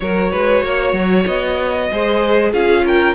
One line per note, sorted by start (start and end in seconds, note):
0.00 0.32 F#3
0.00 1.91 F#4
0.00 0.31 A#4
0.00 1.24 C#5
0.31 0.62 G#3
0.31 0.63 B4
0.62 0.92 A#3
0.62 1.89 C#5
0.92 1.24 F#3
1.26 1.90 B3
1.26 2.52 D#5
1.91 2.53 G#3
1.91 2.53 G#4
1.91 2.51 C5
2.51 3.15 C#4
2.51 3.15 F4
2.51 2.83 G#4
2.51 2.85 F5
2.85 3.15 A#4
2.85 3.15 G5